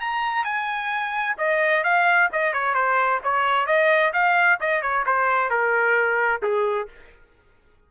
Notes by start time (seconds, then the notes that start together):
0.00 A#5
0.45 G#5
1.38 D#5
1.83 F5
2.32 D#5
2.53 C#5
2.74 C5
3.24 C#5
3.67 D#5
4.13 F5
4.60 D#5
4.82 C#5
5.06 C5
5.50 A#4
6.42 G#4